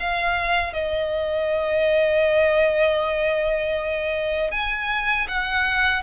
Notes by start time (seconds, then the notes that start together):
0.00 F5
0.73 D#5
4.52 G#5
5.28 F#5